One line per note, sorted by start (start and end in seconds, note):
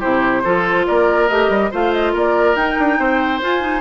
0.00 0.45 C3
0.00 0.44 E4
0.00 0.43 G4
0.00 0.86 C5
0.44 0.87 F3
0.44 1.29 F4
0.44 0.86 A4
0.87 1.30 A#3
0.87 1.71 A#4
0.87 1.29 D5
1.29 1.49 A3
1.29 1.72 G4
1.29 1.71 D#5
1.49 1.71 G3
1.71 2.14 A3
1.71 2.56 F4
1.71 2.13 C5
1.71 1.93 F5
1.93 2.15 D#5
2.13 2.56 A#3
2.13 2.98 A#4
2.13 2.56 D5
2.56 2.77 D#4
2.56 3.41 D#4
2.56 3.41 G5
2.80 2.99 D4
2.99 3.42 C4
2.99 3.81 C5
3.41 3.61 F4
3.41 3.81 F4
3.41 3.81 G#5
3.61 3.81 D#4